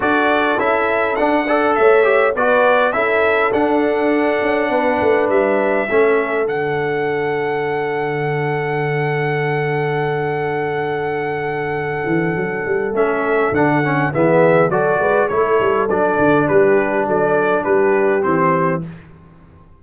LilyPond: <<
  \new Staff \with { instrumentName = "trumpet" } { \time 4/4 \tempo 4 = 102 d''4 e''4 fis''4 e''4 | d''4 e''4 fis''2~ | fis''4 e''2 fis''4~ | fis''1~ |
fis''1~ | fis''2 e''4 fis''4 | e''4 d''4 cis''4 d''4 | b'4 d''4 b'4 c''4 | }
  \new Staff \with { instrumentName = "horn" } { \time 4/4 a'2~ a'8 d''8 cis''4 | b'4 a'2. | b'2 a'2~ | a'1~ |
a'1~ | a'1 | gis'4 a'8 b'8 a'2 | g'4 a'4 g'2 | }
  \new Staff \with { instrumentName = "trombone" } { \time 4/4 fis'4 e'4 d'8 a'4 g'8 | fis'4 e'4 d'2~ | d'2 cis'4 d'4~ | d'1~ |
d'1~ | d'2 cis'4 d'8 cis'8 | b4 fis'4 e'4 d'4~ | d'2. c'4 | }
  \new Staff \with { instrumentName = "tuba" } { \time 4/4 d'4 cis'4 d'4 a4 | b4 cis'4 d'4. cis'8 | b8 a8 g4 a4 d4~ | d1~ |
d1~ | d8 e8 fis8 g8 a4 d4 | e4 fis8 gis8 a8 g8 fis8 d8 | g4 fis4 g4 e4 | }
>>